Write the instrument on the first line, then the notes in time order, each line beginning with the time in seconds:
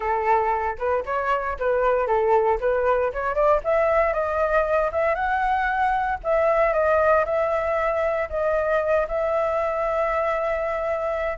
flute
0.00 A4
0.78 B4
1.05 C#5
1.59 B4
2.07 A4
2.60 B4
3.12 C#5
3.34 D5
3.63 E5
4.13 D#5
4.91 E5
5.14 F#5
6.23 E5
6.73 D#5
7.25 E5
8.29 D#5
9.08 E5